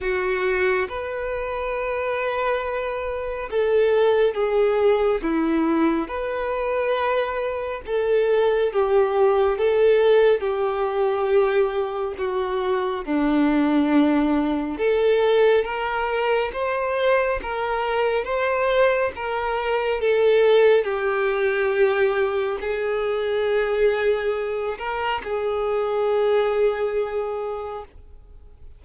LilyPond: \new Staff \with { instrumentName = "violin" } { \time 4/4 \tempo 4 = 69 fis'4 b'2. | a'4 gis'4 e'4 b'4~ | b'4 a'4 g'4 a'4 | g'2 fis'4 d'4~ |
d'4 a'4 ais'4 c''4 | ais'4 c''4 ais'4 a'4 | g'2 gis'2~ | gis'8 ais'8 gis'2. | }